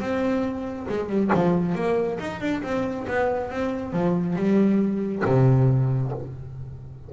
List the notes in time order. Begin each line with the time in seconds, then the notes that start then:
0.00 C4
0.89 G#3
1.09 G3
1.35 F3
1.75 A#3
2.20 D#4
2.41 D4
2.63 C4
3.08 B3
3.50 C4
3.93 F3
4.36 G3
5.25 C3